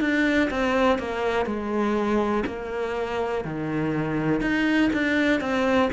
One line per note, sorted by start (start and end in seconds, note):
0.00 0.49 D4
0.50 0.98 C4
0.98 1.45 A#3
1.45 2.44 G#3
2.46 3.44 A#3
3.44 4.41 D#3
4.41 4.90 D#4
4.93 5.40 D4
5.40 5.89 C4